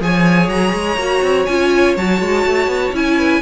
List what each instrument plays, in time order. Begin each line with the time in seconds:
0.00 cello F3, viola G#4, violin C#5 G#5
0.49 cello F#3, violin A#5
0.73 cello G#3
0.96 cello A#3, viola F#4
1.22 cello C4
1.46 cello C#4, viola F4, violin G#5
1.97 cello F#3, viola F#4, violin A5
2.21 cello G#3
2.46 cello A3
2.67 cello B3
2.92 cello C#4, viola E4, violin G#5
3.18 violin B4